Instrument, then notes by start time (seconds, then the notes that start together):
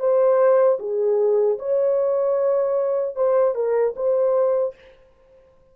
horn
0.00 C5
0.80 G#4
1.59 C#5
3.16 C5
3.55 A#4
3.96 C5